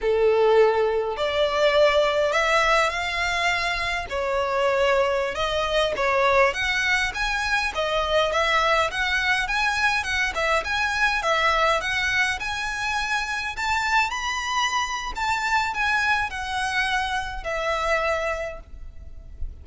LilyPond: \new Staff \with { instrumentName = "violin" } { \time 4/4 \tempo 4 = 103 a'2 d''2 | e''4 f''2 cis''4~ | cis''4~ cis''16 dis''4 cis''4 fis''8.~ | fis''16 gis''4 dis''4 e''4 fis''8.~ |
fis''16 gis''4 fis''8 e''8 gis''4 e''8.~ | e''16 fis''4 gis''2 a''8.~ | a''16 b''4.~ b''16 a''4 gis''4 | fis''2 e''2 | }